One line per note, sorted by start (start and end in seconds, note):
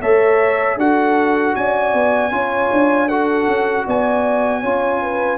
0.00 0.76 A3
0.00 0.79 A4
0.00 0.77 C#5
0.00 0.78 E5
0.76 1.53 D4
0.76 2.31 F#4
0.76 1.56 A4
0.76 1.55 F#5
1.55 1.93 C#4
1.55 2.33 D5
1.55 3.08 G#5
1.93 2.31 B3
2.31 2.69 C#4
2.31 3.08 F4
2.31 3.07 C#5
2.72 3.47 D4
3.07 4.63 F#4
3.07 3.84 A4
3.07 3.85 F#5
3.47 3.85 C#4
3.86 4.63 B3
3.86 4.60 D5
3.86 5.38 G#5
4.60 5.38 C#4
4.60 5.38 F4
4.60 4.99 C#5
5.01 5.38 B4